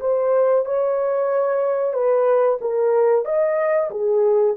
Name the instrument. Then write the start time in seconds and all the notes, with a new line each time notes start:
horn
0.00 C5
0.66 C#5
1.93 B4
2.61 A#4
3.25 D#5
3.90 G#4